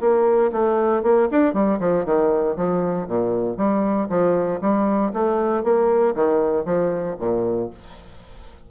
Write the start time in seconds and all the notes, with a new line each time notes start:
0.00 A#3
0.52 A3
1.02 A#3
1.31 D4
1.53 G3
1.79 F3
2.05 D#3
2.56 F3
3.07 A#2
3.57 G3
4.09 F3
4.61 G3
5.13 A3
5.63 A#3
6.15 D#3
6.65 F3
7.19 A#2